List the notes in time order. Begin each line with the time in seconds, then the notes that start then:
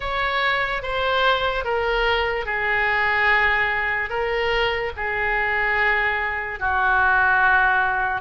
0.00 C#5
0.82 C5
1.64 A#4
2.45 G#4
4.09 A#4
4.96 G#4
6.59 F#4